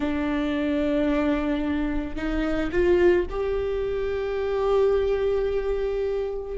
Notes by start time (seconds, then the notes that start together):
0.00 D4
2.15 D#4
2.71 F4
3.30 G4